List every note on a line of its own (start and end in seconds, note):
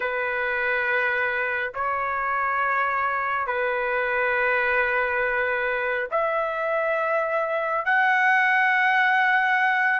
0.00 1.72 B4
1.74 3.46 C#5
3.46 6.07 B4
6.11 7.85 E5
7.85 10.00 F#5